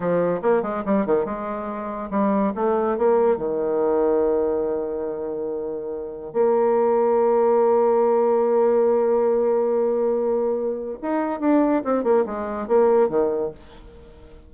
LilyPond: \new Staff \with { instrumentName = "bassoon" } { \time 4/4 \tempo 4 = 142 f4 ais8 gis8 g8 dis8 gis4~ | gis4 g4 a4 ais4 | dis1~ | dis2. ais4~ |
ais1~ | ais1~ | ais2 dis'4 d'4 | c'8 ais8 gis4 ais4 dis4 | }